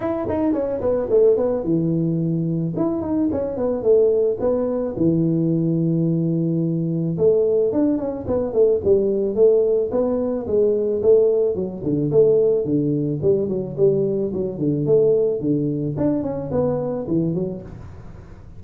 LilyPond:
\new Staff \with { instrumentName = "tuba" } { \time 4/4 \tempo 4 = 109 e'8 dis'8 cis'8 b8 a8 b8 e4~ | e4 e'8 dis'8 cis'8 b8 a4 | b4 e2.~ | e4 a4 d'8 cis'8 b8 a8 |
g4 a4 b4 gis4 | a4 fis8 d8 a4 d4 | g8 fis8 g4 fis8 d8 a4 | d4 d'8 cis'8 b4 e8 fis8 | }